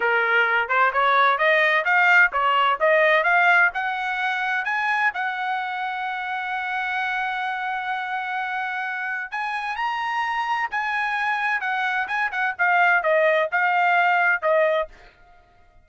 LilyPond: \new Staff \with { instrumentName = "trumpet" } { \time 4/4 \tempo 4 = 129 ais'4. c''8 cis''4 dis''4 | f''4 cis''4 dis''4 f''4 | fis''2 gis''4 fis''4~ | fis''1~ |
fis''1 | gis''4 ais''2 gis''4~ | gis''4 fis''4 gis''8 fis''8 f''4 | dis''4 f''2 dis''4 | }